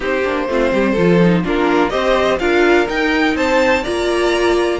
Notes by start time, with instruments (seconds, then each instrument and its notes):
0.00 cello C4, viola D#4, violin G4 C5
0.24 cello A#3, viola D4
0.48 cello A3, viola C4, violin F4
0.72 cello G3, violin G4
0.92 cello F3, viola F4, violin A4
1.22 viola D#4
1.44 cello A#3, viola D4, violin F4 A#4
1.89 cello C4, viola G4, violin C5 D#5
2.39 cello D4, viola F4, violin A#4 F5
2.85 viola D#4, cello D#4, violin G5
3.34 cello C4, violin C5 A5
3.83 cello A#3, viola F4, violin D5 A#5